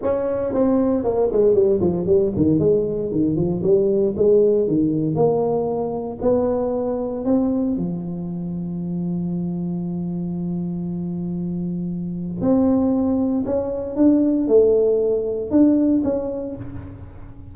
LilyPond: \new Staff \with { instrumentName = "tuba" } { \time 4/4 \tempo 4 = 116 cis'4 c'4 ais8 gis8 g8 f8 | g8 dis8 gis4 dis8 f8 g4 | gis4 dis4 ais2 | b2 c'4 f4~ |
f1~ | f1 | c'2 cis'4 d'4 | a2 d'4 cis'4 | }